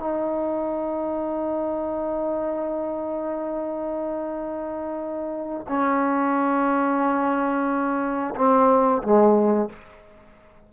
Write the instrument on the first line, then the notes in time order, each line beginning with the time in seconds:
trombone
0.00 D#4
5.68 C#4
8.36 C4
9.03 G#3